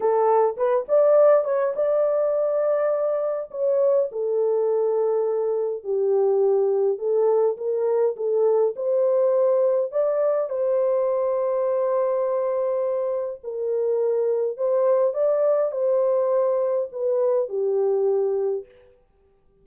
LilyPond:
\new Staff \with { instrumentName = "horn" } { \time 4/4 \tempo 4 = 103 a'4 b'8 d''4 cis''8 d''4~ | d''2 cis''4 a'4~ | a'2 g'2 | a'4 ais'4 a'4 c''4~ |
c''4 d''4 c''2~ | c''2. ais'4~ | ais'4 c''4 d''4 c''4~ | c''4 b'4 g'2 | }